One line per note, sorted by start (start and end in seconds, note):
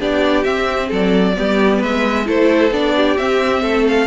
0.00 0.45 B3
0.00 0.45 D4
0.00 0.88 G4
0.00 0.44 D5
0.44 1.35 C4
0.44 0.91 C4
0.44 0.89 E5
0.88 1.37 F#3
0.88 1.33 A4
0.88 1.83 D5
1.36 1.84 G3
1.36 2.26 B3
1.36 1.79 G4
1.79 2.28 G#3
1.79 2.24 B4
1.79 2.28 E5
2.26 2.71 A3
2.26 2.71 E4
2.26 2.95 A4
2.26 2.73 C5
2.71 3.16 B3
2.71 3.18 D4
2.71 3.17 D5
2.97 3.63 G4
3.17 3.63 C4
3.17 4.07 C4
3.17 3.86 E5
3.63 4.07 A3
3.63 4.07 A4
3.88 4.07 F5